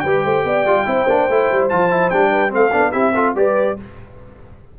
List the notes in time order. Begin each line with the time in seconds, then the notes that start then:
0.00 G3 B4 G5
0.07 G4
0.24 A3 C5
0.45 B3 D5
0.65 G3 F4
0.86 C4 E4 C5
1.09 A#3 D4
1.29 A3 E4
1.52 G3
1.69 F3 F4 A5
1.91 E4
2.10 G3 D4 G5
2.31 B4
2.50 A3 C4 F5
2.56 A4
2.72 B3 D4
2.92 C4 E4 G4 E5
3.15 F4 A4
3.35 G3 G4 B4 D5